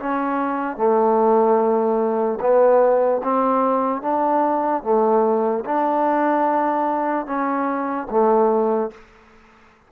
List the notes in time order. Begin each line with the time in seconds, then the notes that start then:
0.00 C#4
0.77 A3
2.41 B3
3.24 C4
4.02 D4
4.84 A3
5.65 D4
7.26 C#4
8.10 A3